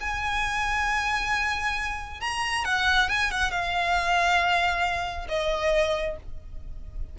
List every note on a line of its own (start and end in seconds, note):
0.00 2.20 G#5
2.20 2.64 A#5
2.65 3.09 F#5
3.09 3.31 G#5
3.31 3.51 F#5
3.51 5.27 F5
5.28 6.16 D#5